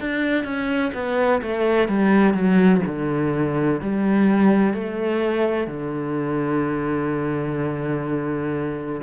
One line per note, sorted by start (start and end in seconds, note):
0.00 0.44 D4
0.44 0.92 C#4
0.94 1.41 B3
1.42 1.88 A3
1.88 2.33 G3
2.33 2.81 F#3
2.86 3.81 D3
3.81 4.74 G3
4.74 5.67 A3
5.67 9.00 D3